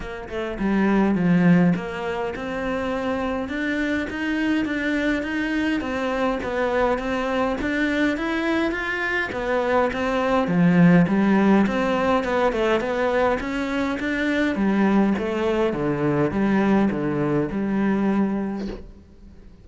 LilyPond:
\new Staff \with { instrumentName = "cello" } { \time 4/4 \tempo 4 = 103 ais8 a8 g4 f4 ais4 | c'2 d'4 dis'4 | d'4 dis'4 c'4 b4 | c'4 d'4 e'4 f'4 |
b4 c'4 f4 g4 | c'4 b8 a8 b4 cis'4 | d'4 g4 a4 d4 | g4 d4 g2 | }